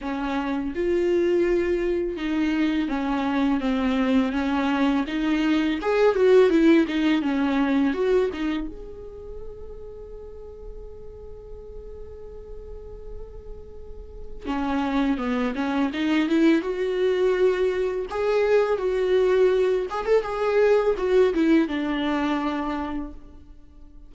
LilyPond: \new Staff \with { instrumentName = "viola" } { \time 4/4 \tempo 4 = 83 cis'4 f'2 dis'4 | cis'4 c'4 cis'4 dis'4 | gis'8 fis'8 e'8 dis'8 cis'4 fis'8 dis'8 | gis'1~ |
gis'1 | cis'4 b8 cis'8 dis'8 e'8 fis'4~ | fis'4 gis'4 fis'4. gis'16 a'16 | gis'4 fis'8 e'8 d'2 | }